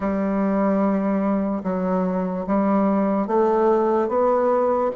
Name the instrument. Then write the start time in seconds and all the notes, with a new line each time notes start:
bassoon
0.00 G3
1.63 F#3
2.47 G3
3.27 A3
4.08 B3